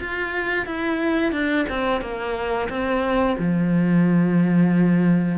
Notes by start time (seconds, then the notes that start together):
0.00 F4
0.66 E4
1.32 D4
1.69 C4
2.02 A#3
2.69 C4
3.39 F3